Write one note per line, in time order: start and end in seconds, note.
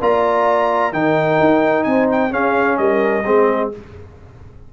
0.00 0.92 A#3
0.00 0.93 F4
0.00 0.93 D5
0.00 0.93 A#5
0.92 1.39 D#3
0.92 2.30 D#4
0.92 1.85 A#4
0.92 1.83 G5
1.40 1.85 D#4
1.83 2.32 C4
1.83 2.31 C5
1.83 2.06 G#5
2.11 2.32 G5
2.30 3.23 C#4
2.30 2.78 C#4
2.30 2.78 G#4
2.30 2.77 F5
2.77 3.24 G3
2.77 3.24 A#4
2.77 3.70 D#5
3.24 3.73 G#3
3.24 3.72 C4
3.24 3.71 G#4